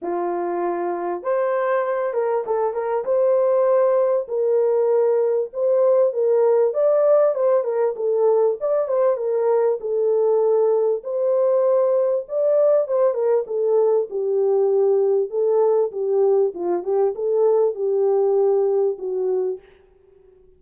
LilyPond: \new Staff \with { instrumentName = "horn" } { \time 4/4 \tempo 4 = 98 f'2 c''4. ais'8 | a'8 ais'8 c''2 ais'4~ | ais'4 c''4 ais'4 d''4 | c''8 ais'8 a'4 d''8 c''8 ais'4 |
a'2 c''2 | d''4 c''8 ais'8 a'4 g'4~ | g'4 a'4 g'4 f'8 g'8 | a'4 g'2 fis'4 | }